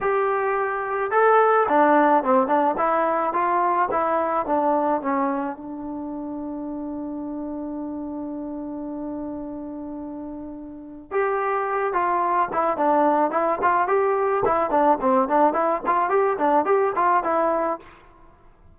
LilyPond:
\new Staff \with { instrumentName = "trombone" } { \time 4/4 \tempo 4 = 108 g'2 a'4 d'4 | c'8 d'8 e'4 f'4 e'4 | d'4 cis'4 d'2~ | d'1~ |
d'1 | g'4. f'4 e'8 d'4 | e'8 f'8 g'4 e'8 d'8 c'8 d'8 | e'8 f'8 g'8 d'8 g'8 f'8 e'4 | }